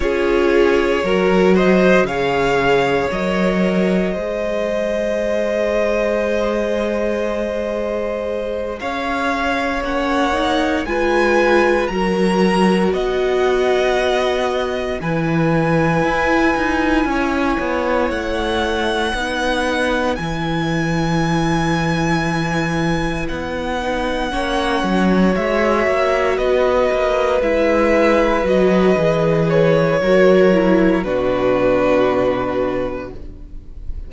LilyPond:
<<
  \new Staff \with { instrumentName = "violin" } { \time 4/4 \tempo 4 = 58 cis''4. dis''8 f''4 dis''4~ | dis''1~ | dis''8 f''4 fis''4 gis''4 ais''8~ | ais''8 fis''2 gis''4.~ |
gis''4. fis''2 gis''8~ | gis''2~ gis''8 fis''4.~ | fis''8 e''4 dis''4 e''4 dis''8~ | dis''8 cis''4. b'2 | }
  \new Staff \with { instrumentName = "violin" } { \time 4/4 gis'4 ais'8 c''8 cis''2 | c''1~ | c''8 cis''2 b'4 ais'8~ | ais'8 dis''2 b'4.~ |
b'8 cis''2 b'4.~ | b'2.~ b'8 cis''8~ | cis''4. b'2~ b'8~ | b'4 ais'4 fis'2 | }
  \new Staff \with { instrumentName = "viola" } { \time 4/4 f'4 fis'4 gis'4 ais'4 | gis'1~ | gis'4. cis'8 dis'8 f'4 fis'8~ | fis'2~ fis'8 e'4.~ |
e'2~ e'8 dis'4 e'8~ | e'2. dis'8 cis'8~ | cis'8 fis'2 e'4 fis'8 | gis'4 fis'8 e'8 d'2 | }
  \new Staff \with { instrumentName = "cello" } { \time 4/4 cis'4 fis4 cis4 fis4 | gis1~ | gis8 cis'4 ais4 gis4 fis8~ | fis8 b2 e4 e'8 |
dis'8 cis'8 b8 a4 b4 e8~ | e2~ e8 b4 ais8 | fis8 gis8 ais8 b8 ais8 gis4 fis8 | e4 fis4 b,2 | }
>>